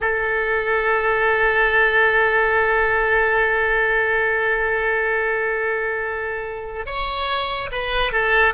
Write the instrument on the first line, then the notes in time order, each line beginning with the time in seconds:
oboe
0.00 A4
6.86 C#5
7.71 B4
8.12 A4